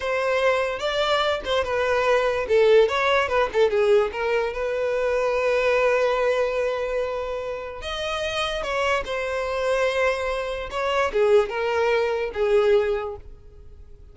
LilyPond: \new Staff \with { instrumentName = "violin" } { \time 4/4 \tempo 4 = 146 c''2 d''4. c''8 | b'2 a'4 cis''4 | b'8 a'8 gis'4 ais'4 b'4~ | b'1~ |
b'2. dis''4~ | dis''4 cis''4 c''2~ | c''2 cis''4 gis'4 | ais'2 gis'2 | }